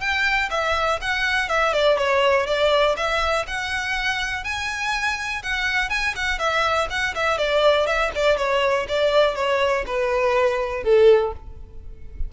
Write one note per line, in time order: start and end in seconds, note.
0.00 0.49 G5
0.50 0.99 E5
1.01 1.48 F#5
1.48 1.73 E5
1.73 1.97 D5
1.97 2.46 C#5
2.46 2.96 D5
2.96 3.46 E5
3.47 4.44 F#5
4.44 5.42 G#5
5.43 5.89 F#5
5.89 6.14 G#5
6.16 6.38 F#5
6.38 6.88 E5
6.90 7.14 F#5
7.15 7.38 E5
7.38 7.86 D5
7.86 8.11 E5
8.15 8.37 D5
8.37 8.86 C#5
8.88 9.35 D5
9.35 9.84 C#5
9.87 10.84 B4
10.84 11.33 A4